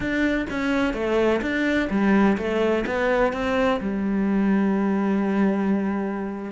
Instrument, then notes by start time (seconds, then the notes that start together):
cello
0.00 D4
0.50 C#4
0.93 A3
1.41 D4
1.89 G3
2.37 A3
2.86 B3
3.32 C4
3.80 G3